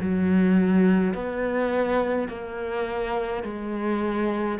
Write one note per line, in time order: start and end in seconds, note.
0.00 1.14 F#3
1.14 2.28 B3
2.28 3.43 A#3
3.43 4.58 G#3